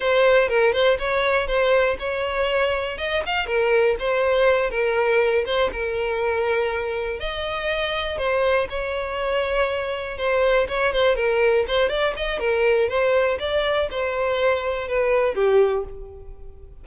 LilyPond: \new Staff \with { instrumentName = "violin" } { \time 4/4 \tempo 4 = 121 c''4 ais'8 c''8 cis''4 c''4 | cis''2 dis''8 f''8 ais'4 | c''4. ais'4. c''8 ais'8~ | ais'2~ ais'8 dis''4.~ |
dis''8 c''4 cis''2~ cis''8~ | cis''8 c''4 cis''8 c''8 ais'4 c''8 | d''8 dis''8 ais'4 c''4 d''4 | c''2 b'4 g'4 | }